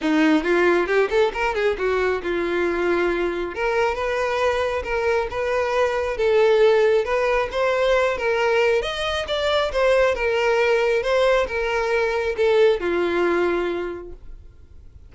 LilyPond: \new Staff \with { instrumentName = "violin" } { \time 4/4 \tempo 4 = 136 dis'4 f'4 g'8 a'8 ais'8 gis'8 | fis'4 f'2. | ais'4 b'2 ais'4 | b'2 a'2 |
b'4 c''4. ais'4. | dis''4 d''4 c''4 ais'4~ | ais'4 c''4 ais'2 | a'4 f'2. | }